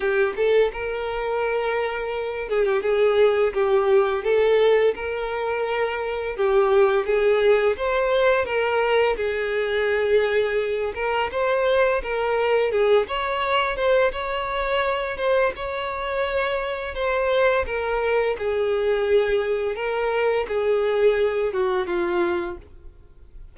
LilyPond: \new Staff \with { instrumentName = "violin" } { \time 4/4 \tempo 4 = 85 g'8 a'8 ais'2~ ais'8 gis'16 g'16 | gis'4 g'4 a'4 ais'4~ | ais'4 g'4 gis'4 c''4 | ais'4 gis'2~ gis'8 ais'8 |
c''4 ais'4 gis'8 cis''4 c''8 | cis''4. c''8 cis''2 | c''4 ais'4 gis'2 | ais'4 gis'4. fis'8 f'4 | }